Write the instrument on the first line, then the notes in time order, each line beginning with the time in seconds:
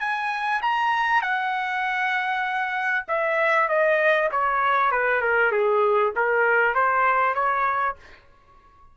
trumpet
0.00 G#5
0.62 A#5
1.22 F#5
3.08 E5
3.69 D#5
4.31 C#5
4.91 B4
5.22 A#4
5.52 G#4
6.16 A#4
6.75 C5
7.35 C#5